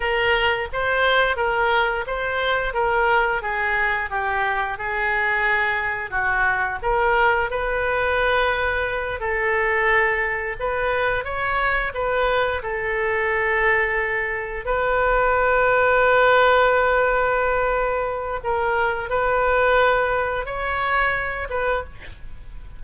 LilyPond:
\new Staff \with { instrumentName = "oboe" } { \time 4/4 \tempo 4 = 88 ais'4 c''4 ais'4 c''4 | ais'4 gis'4 g'4 gis'4~ | gis'4 fis'4 ais'4 b'4~ | b'4. a'2 b'8~ |
b'8 cis''4 b'4 a'4.~ | a'4. b'2~ b'8~ | b'2. ais'4 | b'2 cis''4. b'8 | }